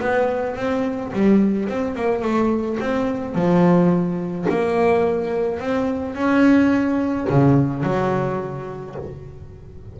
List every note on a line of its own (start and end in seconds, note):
0.00 0.56 B3
0.56 1.12 C4
1.13 1.69 G3
1.69 1.95 C4
1.95 2.22 A#3
2.22 2.78 A3
2.80 3.35 C4
3.35 4.47 F3
4.49 5.59 A#3
5.59 6.15 C4
6.15 7.27 C#4
7.29 7.83 C#3
7.83 8.95 F#3